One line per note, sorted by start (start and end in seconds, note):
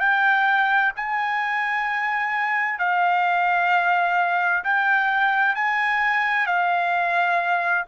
0.00 0.92 G5
0.96 2.79 G#5
2.79 4.64 F5
4.64 5.56 G5
5.56 6.47 G#5
6.47 7.85 F5